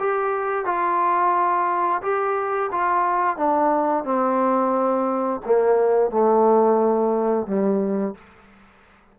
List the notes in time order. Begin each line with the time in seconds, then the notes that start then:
0.00 G4
0.66 F4
2.03 G4
2.72 F4
3.37 D4
4.05 C4
5.46 A#3
6.11 A3
7.47 G3